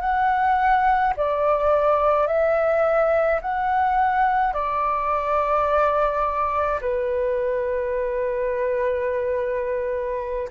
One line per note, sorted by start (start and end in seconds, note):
0.00 1.13 F#5
1.17 2.27 D5
2.27 3.40 E5
3.41 4.53 F#5
4.53 6.80 D5
6.81 10.49 B4